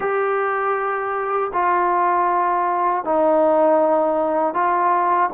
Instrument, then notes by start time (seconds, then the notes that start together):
trombone
0.00 G4
1.53 F4
3.04 D#4
4.54 F4